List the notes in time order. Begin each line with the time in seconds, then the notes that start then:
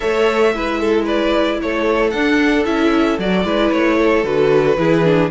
0.00 A3 A4 C#5 E5
0.54 G#3 E4 B4
0.80 A4
1.04 B4 D5
1.61 A3 A4 C#5
2.10 D4 F#5
2.65 C#4 E4 E5
3.18 F#3 F#4 D5
3.44 G#3 E4 B4
3.71 A3 C#5
3.98 A4
4.23 D3 F#4 B4
4.76 E3 E4 G#4
5.04 D4